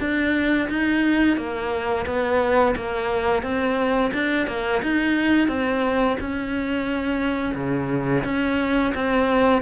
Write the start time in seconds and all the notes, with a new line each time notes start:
0.00 D4
0.69 D#4
1.37 A#3
2.06 B3
2.76 A#3
3.43 C4
4.14 D4
4.47 A#3
4.83 D#4
5.48 C4
6.21 C#4
7.55 C#3
8.24 C#4
8.95 C4